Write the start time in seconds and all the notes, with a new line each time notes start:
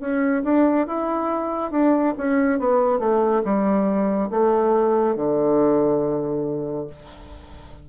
0.00 C#4
0.44 D4
0.87 E4
1.71 D4
2.17 C#4
2.59 B3
3.00 A3
3.44 G3
4.30 A3
5.15 D3